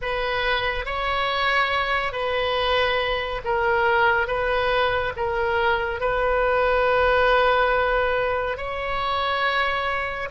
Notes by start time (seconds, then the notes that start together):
0.01 B4
0.85 C#5
2.12 B4
3.44 A#4
4.27 B4
5.16 A#4
6.00 B4
8.57 C#5